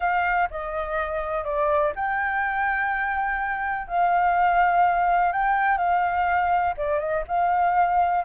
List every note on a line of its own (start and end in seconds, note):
0.00 0.48 F5
0.50 1.44 D#5
1.44 1.92 D5
1.95 3.87 G5
3.87 5.32 F5
5.32 5.77 G5
5.77 6.74 F5
6.77 6.99 D5
6.99 7.23 D#5
7.27 8.24 F5